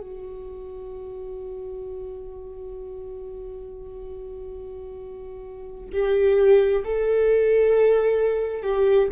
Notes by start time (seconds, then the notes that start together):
0.00 F#4
5.93 G4
6.85 A4
8.63 G4